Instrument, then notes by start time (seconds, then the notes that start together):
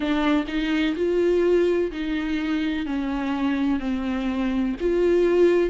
viola
0.00 D4
0.47 D#4
0.95 F4
1.91 D#4
2.86 C#4
3.79 C4
4.80 F4